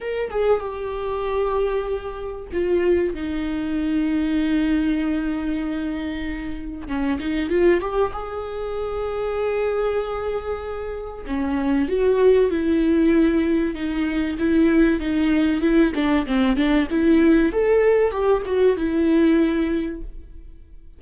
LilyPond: \new Staff \with { instrumentName = "viola" } { \time 4/4 \tempo 4 = 96 ais'8 gis'8 g'2. | f'4 dis'2.~ | dis'2. cis'8 dis'8 | f'8 g'8 gis'2.~ |
gis'2 cis'4 fis'4 | e'2 dis'4 e'4 | dis'4 e'8 d'8 c'8 d'8 e'4 | a'4 g'8 fis'8 e'2 | }